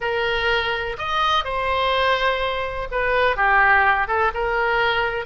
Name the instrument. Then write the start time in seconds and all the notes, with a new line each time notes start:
oboe
0.00 A#4
0.98 D#5
1.44 C5
2.91 B4
3.36 G4
4.07 A4
4.34 A#4